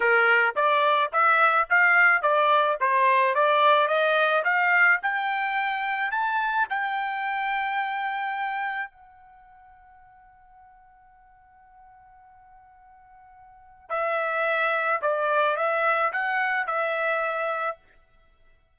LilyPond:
\new Staff \with { instrumentName = "trumpet" } { \time 4/4 \tempo 4 = 108 ais'4 d''4 e''4 f''4 | d''4 c''4 d''4 dis''4 | f''4 g''2 a''4 | g''1 |
fis''1~ | fis''1~ | fis''4 e''2 d''4 | e''4 fis''4 e''2 | }